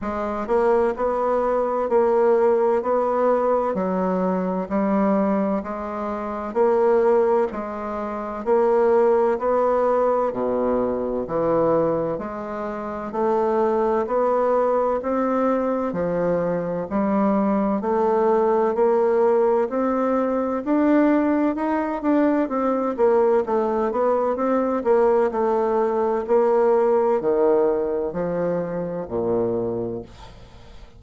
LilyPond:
\new Staff \with { instrumentName = "bassoon" } { \time 4/4 \tempo 4 = 64 gis8 ais8 b4 ais4 b4 | fis4 g4 gis4 ais4 | gis4 ais4 b4 b,4 | e4 gis4 a4 b4 |
c'4 f4 g4 a4 | ais4 c'4 d'4 dis'8 d'8 | c'8 ais8 a8 b8 c'8 ais8 a4 | ais4 dis4 f4 ais,4 | }